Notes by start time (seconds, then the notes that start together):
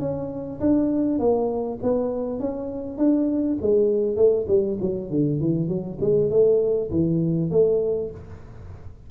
0.00 C#4
0.60 D4
1.19 A#3
1.83 B3
2.40 C#4
2.98 D4
3.62 G#3
4.16 A3
4.48 G3
4.81 F#3
5.10 D3
5.40 E3
5.68 F#3
6.01 G#3
6.31 A3
6.91 E3
7.51 A3